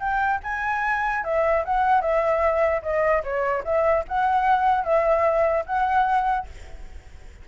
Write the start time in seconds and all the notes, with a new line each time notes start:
0.00 G5
0.44 G#5
1.24 E5
1.65 F#5
2.01 E5
2.83 D#5
3.24 C#5
3.64 E5
4.08 F#5
4.84 E5
5.66 F#5